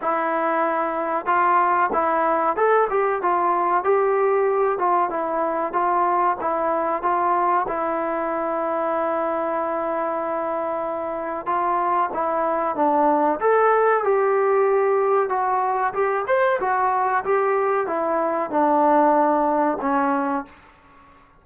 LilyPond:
\new Staff \with { instrumentName = "trombone" } { \time 4/4 \tempo 4 = 94 e'2 f'4 e'4 | a'8 g'8 f'4 g'4. f'8 | e'4 f'4 e'4 f'4 | e'1~ |
e'2 f'4 e'4 | d'4 a'4 g'2 | fis'4 g'8 c''8 fis'4 g'4 | e'4 d'2 cis'4 | }